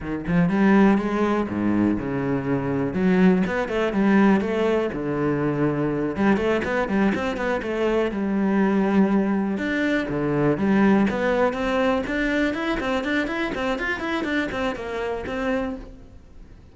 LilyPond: \new Staff \with { instrumentName = "cello" } { \time 4/4 \tempo 4 = 122 dis8 f8 g4 gis4 gis,4 | cis2 fis4 b8 a8 | g4 a4 d2~ | d8 g8 a8 b8 g8 c'8 b8 a8~ |
a8 g2. d'8~ | d'8 d4 g4 b4 c'8~ | c'8 d'4 e'8 c'8 d'8 e'8 c'8 | f'8 e'8 d'8 c'8 ais4 c'4 | }